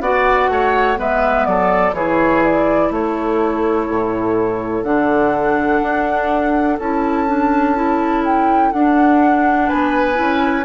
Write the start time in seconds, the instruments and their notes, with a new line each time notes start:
0.00 bassoon B3, clarinet F#4, oboe D5, flute F#5
0.48 bassoon A3, oboe C#5
0.95 bassoon G#3, clarinet B3, oboe B4, flute E5
1.45 bassoon F#3, oboe A4, flute D5
1.92 bassoon E3, clarinet E4, oboe G#4, flute C#5
2.43 flute D5
2.90 bassoon A3, oboe A4, flute C#5
3.89 bassoon A2
4.83 bassoon D3, clarinet D4, flute F#5
5.82 bassoon D4
6.78 bassoon C#4, clarinet E4, flute A5
7.27 clarinet D4
7.75 clarinet E4
8.24 flute G5
8.72 bassoon D4, clarinet D4, flute F#5
9.68 bassoon B3, oboe B4, flute G#5
10.14 bassoon C#4, clarinet E4